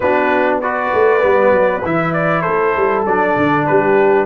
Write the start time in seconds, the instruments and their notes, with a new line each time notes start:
0.00 tuba B3, trombone D4, horn F#4, trumpet B4
0.61 trombone F#4, horn B4, trumpet D5
0.93 tuba A3
1.19 tuba G3, trombone B3
1.50 tuba F#3
1.84 tuba E3, trombone E4, trumpet E5
2.13 trumpet D5
2.41 tuba A3, horn A4, trumpet C5
2.76 tuba G3
3.05 tuba F#3, trombone D4, trumpet D5
3.36 tuba D3
3.66 tuba G3, horn G4, trumpet B4